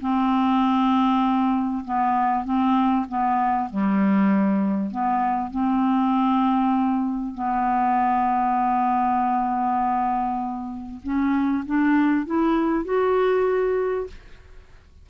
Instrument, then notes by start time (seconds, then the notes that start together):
clarinet
0.00 C4
1.84 B3
2.44 C4
3.08 B3
3.69 G3
4.90 B3
5.50 C4
7.34 B3
11.02 C#4
11.65 D4
12.26 E4
12.84 F#4